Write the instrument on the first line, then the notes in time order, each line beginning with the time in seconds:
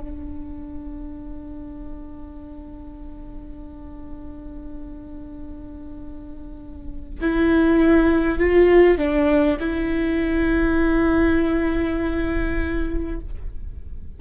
viola
0.00 D4
7.21 E4
8.38 F4
8.98 D4
9.59 E4